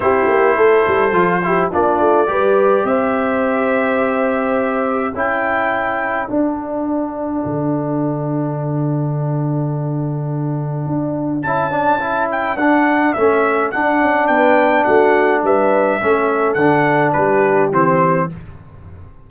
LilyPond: <<
  \new Staff \with { instrumentName = "trumpet" } { \time 4/4 \tempo 4 = 105 c''2. d''4~ | d''4 e''2.~ | e''4 g''2 fis''4~ | fis''1~ |
fis''1 | a''4. g''8 fis''4 e''4 | fis''4 g''4 fis''4 e''4~ | e''4 fis''4 b'4 c''4 | }
  \new Staff \with { instrumentName = "horn" } { \time 4/4 g'4 a'4. g'8 f'4 | b'4 c''2.~ | c''4 a'2.~ | a'1~ |
a'1~ | a'1~ | a'4 b'4 fis'4 b'4 | a'2 g'2 | }
  \new Staff \with { instrumentName = "trombone" } { \time 4/4 e'2 f'8 e'8 d'4 | g'1~ | g'4 e'2 d'4~ | d'1~ |
d'1 | e'8 d'8 e'4 d'4 cis'4 | d'1 | cis'4 d'2 c'4 | }
  \new Staff \with { instrumentName = "tuba" } { \time 4/4 c'8 ais8 a8 g8 f4 ais8 a8 | g4 c'2.~ | c'4 cis'2 d'4~ | d'4 d2.~ |
d2. d'4 | cis'2 d'4 a4 | d'8 cis'8 b4 a4 g4 | a4 d4 g4 e4 | }
>>